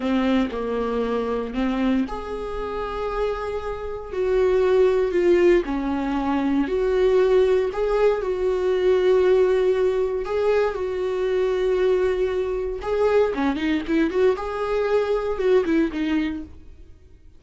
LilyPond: \new Staff \with { instrumentName = "viola" } { \time 4/4 \tempo 4 = 117 c'4 ais2 c'4 | gis'1 | fis'2 f'4 cis'4~ | cis'4 fis'2 gis'4 |
fis'1 | gis'4 fis'2.~ | fis'4 gis'4 cis'8 dis'8 e'8 fis'8 | gis'2 fis'8 e'8 dis'4 | }